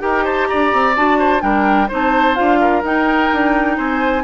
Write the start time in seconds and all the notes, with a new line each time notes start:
0.00 D#4 G4 A#4 G5
0.24 C5 A5
0.48 D4 D5 A#5
0.73 C4
0.96 D4 F#4 A5
1.19 C5
1.41 G3 D4 A#4 G5
1.89 C4 D#4 C5 A5
2.35 D4 F4 F5
2.61 A#4
2.83 D#4 G5
3.33 D4
3.77 C4 C5 G#5